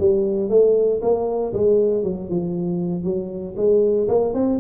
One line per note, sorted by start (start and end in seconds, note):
0.00 0.49 G3
0.49 1.01 A3
1.02 1.53 A#3
1.54 2.04 G#3
2.04 2.29 F#3
2.30 3.04 F3
3.04 3.55 F#3
3.57 4.08 G#3
4.09 4.34 A#3
4.34 4.60 C4